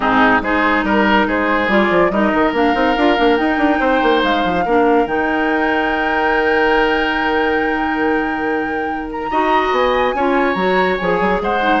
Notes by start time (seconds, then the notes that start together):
0.00 G#2 C4 D#4 G#4
0.41 G#3 D#4 G#4 C5
0.83 G3 A#4
1.27 G#3 G#4 C5
1.67 G3 F4 D5
1.90 F3
2.10 G3 D#4 A#4 D#5
2.33 D#3
2.53 A#3 D4 F5
2.74 C4 D#4
2.97 D4 F4
3.17 A#3 D4
3.36 D#4 G5
3.57 D4
3.79 C4 C5
4.02 A#3
4.23 G#3 F5
4.44 F3
4.65 A#3 D4 A#4
5.05 D#3 D#4 G5
9.11 A#5
9.30 D#4 F#4 D#5
9.71 B3 G#5
10.14 C#4 F4 C#5
10.54 F#3 F#4 A#5
10.98 F3 G#4 G#5
11.20 F#3
11.40 G#3 C5 F#5
11.60 D#4